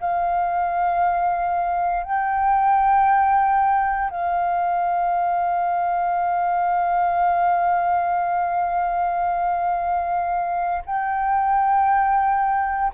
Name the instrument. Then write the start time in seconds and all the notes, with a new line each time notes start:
flute
0.00 F5
2.03 G5
4.10 F5
10.85 G5